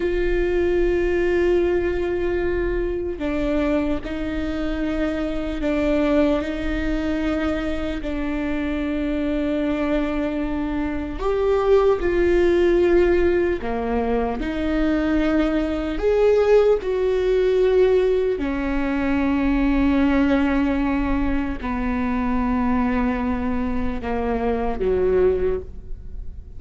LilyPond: \new Staff \with { instrumentName = "viola" } { \time 4/4 \tempo 4 = 75 f'1 | d'4 dis'2 d'4 | dis'2 d'2~ | d'2 g'4 f'4~ |
f'4 ais4 dis'2 | gis'4 fis'2 cis'4~ | cis'2. b4~ | b2 ais4 fis4 | }